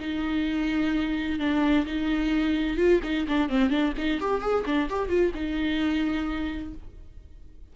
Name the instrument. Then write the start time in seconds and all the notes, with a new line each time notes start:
viola
0.00 D#4
1.40 D4
1.86 D#4
2.78 F4
3.04 D#4
3.29 D4
3.50 C4
3.71 D4
3.98 D#4
4.21 G4
4.42 G#4
4.66 D4
4.90 G4
5.09 F4
5.35 D#4